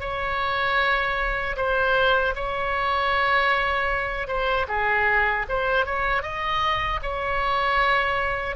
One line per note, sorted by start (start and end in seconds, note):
0.00 1.56 C#5
1.57 2.34 C5
2.35 4.28 C#5
4.28 4.66 C5
4.68 5.46 G#4
5.49 5.86 C5
5.86 6.22 C#5
6.22 7.00 D#5
7.03 8.56 C#5